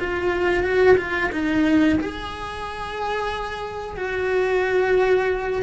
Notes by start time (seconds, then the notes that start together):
0.00 F4
0.63 F#4
0.97 F4
1.32 D#4
2.00 G#4
3.97 F#4